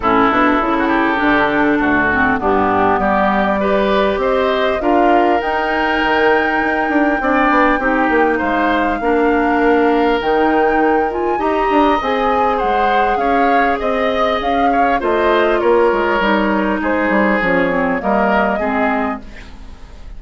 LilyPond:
<<
  \new Staff \with { instrumentName = "flute" } { \time 4/4 \tempo 4 = 100 a'1 | g'4 d''2 dis''4 | f''4 g''2.~ | g''2 f''2~ |
f''4 g''4. gis''8 ais''4 | gis''4 fis''4 f''4 dis''4 | f''4 dis''4 cis''2 | c''4 cis''4 dis''2 | }
  \new Staff \with { instrumentName = "oboe" } { \time 4/4 e'4~ e'16 fis'16 g'4. fis'4 | d'4 g'4 b'4 c''4 | ais'1 | d''4 g'4 c''4 ais'4~ |
ais'2. dis''4~ | dis''4 c''4 cis''4 dis''4~ | dis''8 cis''8 c''4 ais'2 | gis'2 ais'4 gis'4 | }
  \new Staff \with { instrumentName = "clarinet" } { \time 4/4 cis'8 d'8 e'4 d'4. c'8 | b2 g'2 | f'4 dis'2. | d'4 dis'2 d'4~ |
d'4 dis'4. f'8 g'4 | gis'1~ | gis'4 f'2 dis'4~ | dis'4 cis'8 c'8 ais4 c'4 | }
  \new Staff \with { instrumentName = "bassoon" } { \time 4/4 a,8 b,8 cis4 d4 d,4 | g,4 g2 c'4 | d'4 dis'4 dis4 dis'8 d'8 | c'8 b8 c'8 ais8 gis4 ais4~ |
ais4 dis2 dis'8 d'8 | c'4 gis4 cis'4 c'4 | cis'4 a4 ais8 gis8 g4 | gis8 g8 f4 g4 gis4 | }
>>